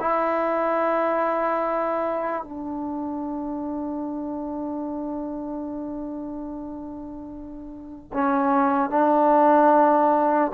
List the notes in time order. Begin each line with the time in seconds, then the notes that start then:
0.00 E4
2.43 D4
8.13 C#4
8.89 D4